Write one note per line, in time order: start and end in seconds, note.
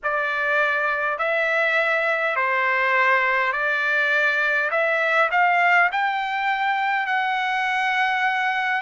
0.03 1.18 D5
1.18 2.35 E5
2.35 3.52 C5
3.52 4.70 D5
4.71 5.29 E5
5.31 5.90 F5
5.91 7.06 G5
7.06 8.81 F#5